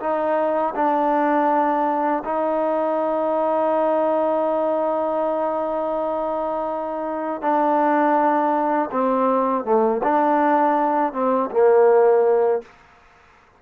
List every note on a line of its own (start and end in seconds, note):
0.00 0.74 D#4
0.75 2.23 D4
2.24 7.41 D#4
7.41 8.90 D4
8.91 9.64 C4
9.64 10.01 A3
10.03 11.12 D4
11.12 11.49 C4
11.51 12.62 A#3